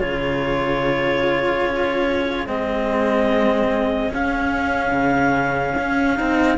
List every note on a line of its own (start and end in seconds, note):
0.00 1.65 C#3
0.00 2.47 F4
0.00 6.58 G#4
0.00 2.47 C#5
1.65 2.47 C#4
2.47 4.09 G#3
2.47 4.12 C4
2.47 4.12 D#5
4.09 4.91 C#4
4.09 6.16 C#4
4.09 6.58 F5
4.91 5.74 C#3
5.78 6.19 C#4
6.16 6.58 C4
6.16 6.57 D#4